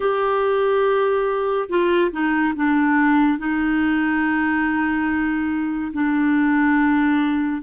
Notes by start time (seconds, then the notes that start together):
0.00 G4
1.69 F4
2.11 D#4
2.55 D4
3.38 D#4
5.93 D4